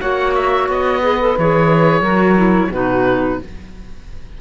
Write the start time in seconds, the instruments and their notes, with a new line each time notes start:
0.00 cello A#3, clarinet F#4, saxophone C#5, oboe F#5
0.35 oboe E5
0.69 cello B3, oboe D#5
1.02 clarinet G#4, saxophone B4
1.21 clarinet A4
1.39 cello E3, clarinet G#4, oboe C#5
2.01 cello F#3, clarinet F#4, saxophone A#4
2.37 clarinet E4
2.72 cello B2, clarinet D#4, saxophone F#4, oboe B4